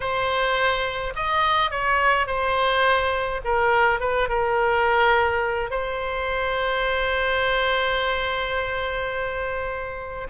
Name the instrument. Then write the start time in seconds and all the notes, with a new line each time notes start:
oboe
0.00 C5
1.15 D#5
1.70 C#5
2.26 C5
3.44 A#4
4.00 B4
4.28 A#4
5.70 C5